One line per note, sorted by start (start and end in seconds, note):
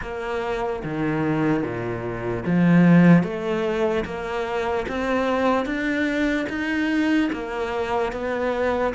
0.01 0.82 A#3
0.83 1.63 D#3
1.63 2.44 A#2
2.45 3.23 F3
3.23 4.04 A3
4.05 4.86 A#3
4.88 5.65 C4
5.65 6.46 D4
6.49 7.30 D#4
7.32 8.12 A#3
8.12 8.93 B3